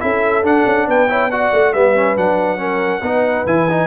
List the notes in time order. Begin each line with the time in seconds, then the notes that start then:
0.00 C#4 E4 A4 E5
0.43 D4 F#5
0.66 C#4
0.87 B3 B4 G5
1.09 E4 C#5
1.31 F#4 D5 F#5
1.53 A3
1.73 G3 B3 B4 E5
1.96 C#4
2.17 F#3 D4 F#5
2.58 C#4 A#4
3.02 B3 D#4 B4
3.46 E3 E4 G#5
3.70 D#4